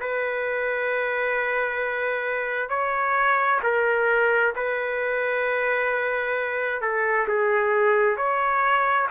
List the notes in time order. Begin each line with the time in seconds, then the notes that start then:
0.00 B4
2.69 C#5
3.63 A#4
4.56 B4
6.81 A4
7.28 G#4
8.17 C#5